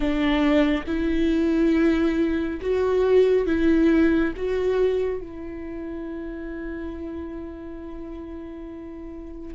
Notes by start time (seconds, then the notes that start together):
0.00 D4
0.86 E4
2.61 F#4
3.46 E4
4.36 F#4
5.21 E4